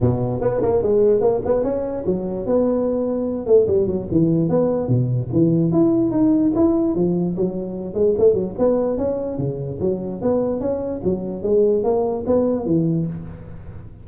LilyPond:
\new Staff \with { instrumentName = "tuba" } { \time 4/4 \tempo 4 = 147 b,4 b8 ais8 gis4 ais8 b8 | cis'4 fis4 b2~ | b8 a8 g8 fis8 e4 b4 | b,4 e4 e'4 dis'4 |
e'4 f4 fis4. gis8 | a8 fis8 b4 cis'4 cis4 | fis4 b4 cis'4 fis4 | gis4 ais4 b4 e4 | }